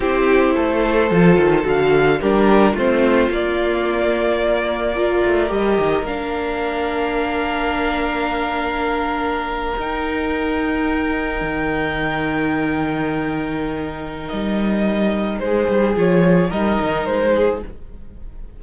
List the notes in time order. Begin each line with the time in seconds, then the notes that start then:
0.00 C4 E4 G4 C5
0.54 A3 A4
1.11 F3 F4
1.36 D#3
1.62 D3 F#4 F5
2.20 G3 D4 G4 A#4
2.73 A3 C4 F4 C5
3.30 A#3 D5
4.95 F4 A#4
5.24 A3
5.48 G3 G4 D#5
5.78 D#3
6.02 A#3 D4 F5
9.76 D#4 G5
11.41 D#3
14.28 G3 D#5
15.39 G#3 C5
15.45 G#4
15.68 G3
15.96 F3 F4 C#5
16.49 G3 D#4 A#4 D#5
16.81 D#3
17.05 G#3 C5
17.35 G#4